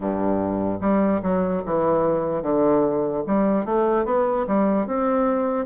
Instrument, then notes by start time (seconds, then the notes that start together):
bassoon
0.00 G2
0.80 G3
1.22 F#3
1.65 E3
2.42 D3
3.27 G3
3.65 A3
4.05 B3
4.47 G3
4.86 C4